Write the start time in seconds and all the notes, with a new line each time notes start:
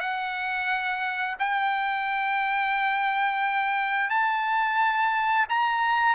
0.00 F#5
1.39 G5
4.10 A5
5.49 A#5